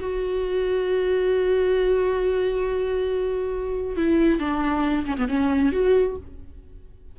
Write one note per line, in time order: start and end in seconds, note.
0.00 3.97 F#4
3.97 4.40 E4
4.40 5.06 D4
5.06 5.17 C#4
5.17 5.28 B3
5.28 5.72 C#4
5.72 6.16 F#4